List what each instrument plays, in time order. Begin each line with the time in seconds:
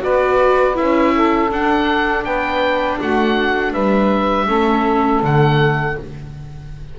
0.00 double bass B3, viola F#4, saxophone B4, oboe D5
0.75 double bass C#4, viola E4, oboe E5
1.15 saxophone A4
1.50 double bass D4, viola D4, oboe F#5
2.24 double bass B3, saxophone B4, oboe G5
2.99 double bass A3, saxophone F#4, oboe F#5
3.72 double bass G3, saxophone B4, oboe E5
4.46 double bass A3, viola C#4, saxophone A4
5.22 double bass D3, viola A3, oboe F#5